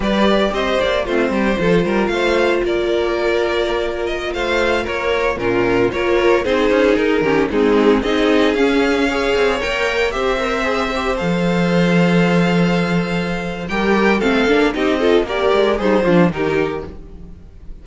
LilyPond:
<<
  \new Staff \with { instrumentName = "violin" } { \time 4/4 \tempo 4 = 114 d''4 dis''8 d''8 c''2 | f''4 d''2~ d''8. dis''16~ | dis''16 f''4 cis''4 ais'4 cis''8.~ | cis''16 c''4 ais'4 gis'4 dis''8.~ |
dis''16 f''2 g''4 e''8.~ | e''4~ e''16 f''2~ f''8.~ | f''2 g''4 f''4 | dis''4 d''4 c''4 ais'4 | }
  \new Staff \with { instrumentName = "violin" } { \time 4/4 b'4 c''4 f'8 g'8 a'8 ais'8 | c''4 ais'2.~ | ais'16 c''4 ais'4 f'4 ais'8.~ | ais'16 gis'4. g'8 dis'4 gis'8.~ |
gis'4~ gis'16 cis''2 c''8.~ | c''1~ | c''2 ais'4 a'4 | g'8 a'8 ais'4 dis'8 f'8 g'4 | }
  \new Staff \with { instrumentName = "viola" } { \time 4/4 g'2 c'4 f'4~ | f'1~ | f'2~ f'16 cis'4 f'8.~ | f'16 dis'4. cis'8 c'4 dis'8.~ |
dis'16 cis'4 gis'4 ais'4 g'8 ais'16~ | ais'16 gis'8 g'8 a'2~ a'8.~ | a'2 g'4 c'8 d'8 | dis'8 f'8 g'4 gis'8 d'8 dis'4 | }
  \new Staff \with { instrumentName = "cello" } { \time 4/4 g4 c'8 ais8 a8 g8 f8 g8 | a4 ais2.~ | ais16 a4 ais4 ais,4 ais8.~ | ais16 c'8 cis'8 dis'8 dis8 gis4 c'8.~ |
c'16 cis'4. c'8 ais4 c'8.~ | c'4~ c'16 f2~ f8.~ | f2 g4 a8 ais8 | c'4 ais8 gis8 g8 f8 dis4 | }
>>